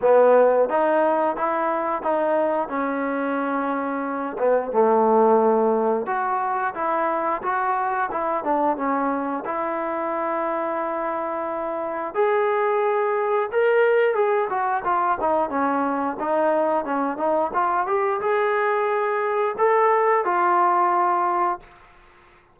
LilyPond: \new Staff \with { instrumentName = "trombone" } { \time 4/4 \tempo 4 = 89 b4 dis'4 e'4 dis'4 | cis'2~ cis'8 b8 a4~ | a4 fis'4 e'4 fis'4 | e'8 d'8 cis'4 e'2~ |
e'2 gis'2 | ais'4 gis'8 fis'8 f'8 dis'8 cis'4 | dis'4 cis'8 dis'8 f'8 g'8 gis'4~ | gis'4 a'4 f'2 | }